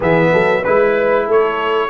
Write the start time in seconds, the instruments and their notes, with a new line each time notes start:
0.00 tuba E3, trombone B3, horn G#4, trumpet E5
0.32 tuba F#3, horn A4
0.61 tuba G#3, trombone E4, horn B4, trumpet B4
1.26 tuba A3, horn A4, trumpet C#5